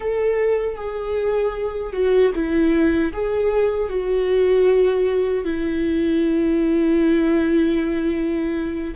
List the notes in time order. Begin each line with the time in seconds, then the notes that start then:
0.00 A4
0.75 G#4
1.92 F#4
2.34 E4
3.12 G#4
3.89 F#4
5.44 E4